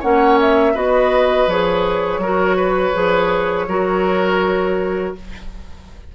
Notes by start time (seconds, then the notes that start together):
0.00 A#3 C#4 C#5 F#5
0.41 E5
0.74 B3 F#4 B4 D#5
1.47 F3 G#4 C#5
2.18 F#3 F#4 A#4
2.57 B4
2.94 F3 G#4
3.68 F#3 F#4 A#4